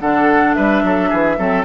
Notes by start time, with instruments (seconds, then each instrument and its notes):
0.00 bassoon D3, clarinet D4, oboe A4, flute F#5
0.54 bassoon G3, oboe B4, flute E5
0.83 bassoon F#3, oboe A4
1.09 bassoon E3, oboe G#4
1.38 bassoon F#3, clarinet C4, oboe A4